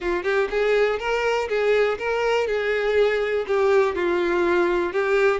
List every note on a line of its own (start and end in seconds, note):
0.00 0.23 F4
0.23 0.48 G4
0.50 0.99 G#4
0.99 1.48 A#4
1.48 1.97 G#4
1.98 2.47 A#4
2.47 3.45 G#4
3.47 3.95 G4
3.95 4.92 F4
4.92 5.40 G4